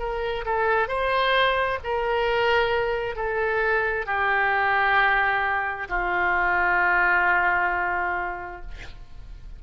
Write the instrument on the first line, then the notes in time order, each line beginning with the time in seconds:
oboe
0.00 A#4
0.46 A4
0.88 C5
1.84 A#4
3.16 A4
4.07 G4
5.89 F4